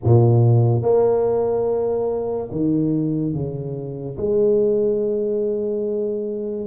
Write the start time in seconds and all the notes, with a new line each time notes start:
0.03 A#2
0.82 A#3
2.51 D#3
3.33 C#3
4.17 G#3